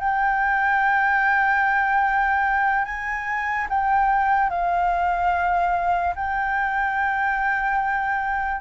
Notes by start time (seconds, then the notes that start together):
0.00 G5
2.85 G#5
3.70 G5
4.50 F5
6.16 G5